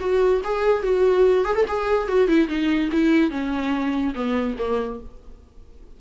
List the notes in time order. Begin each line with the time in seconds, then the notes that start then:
0.00 F#4
0.44 G#4
0.83 F#4
1.45 G#4
1.55 A4
1.68 G#4
2.08 F#4
2.28 E4
2.48 D#4
2.92 E4
3.31 C#4
4.15 B3
4.58 A#3